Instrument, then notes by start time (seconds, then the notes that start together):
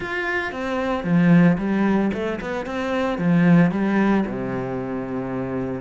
cello
0.00 F4
0.52 C4
1.04 F3
1.58 G3
2.13 A3
2.40 B3
2.66 C4
3.18 F3
3.71 G3
4.26 C3